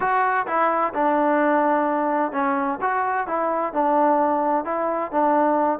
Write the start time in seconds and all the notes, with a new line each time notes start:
0.00 F#4
0.46 E4
0.94 D4
2.32 C#4
2.81 F#4
3.27 E4
3.73 D4
4.64 E4
5.11 D4